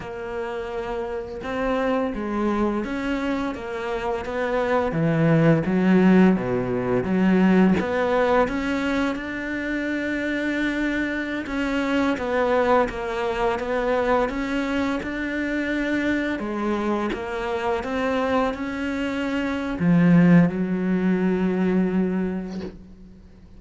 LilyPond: \new Staff \with { instrumentName = "cello" } { \time 4/4 \tempo 4 = 85 ais2 c'4 gis4 | cis'4 ais4 b4 e4 | fis4 b,4 fis4 b4 | cis'4 d'2.~ |
d'16 cis'4 b4 ais4 b8.~ | b16 cis'4 d'2 gis8.~ | gis16 ais4 c'4 cis'4.~ cis'16 | f4 fis2. | }